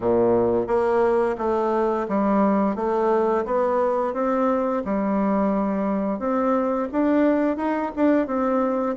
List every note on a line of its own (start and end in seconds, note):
0.00 0.67 A#2
0.67 1.36 A#3
1.38 2.07 A3
2.08 2.75 G3
2.75 3.44 A3
3.45 4.13 B3
4.13 4.82 C4
4.84 6.19 G3
6.19 6.88 C4
6.92 7.56 D4
7.56 7.91 D#4
7.96 8.27 D4
8.27 8.96 C4